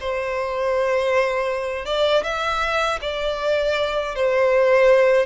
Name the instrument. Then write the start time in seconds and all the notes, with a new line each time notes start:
violin
0.00 C5
1.85 D5
2.23 E5
3.01 D5
4.15 C5